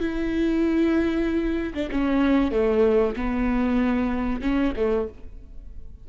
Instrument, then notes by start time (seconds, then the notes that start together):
viola
0.00 E4
1.74 D4
1.91 C#4
2.52 A3
3.17 B3
4.42 C#4
4.77 A3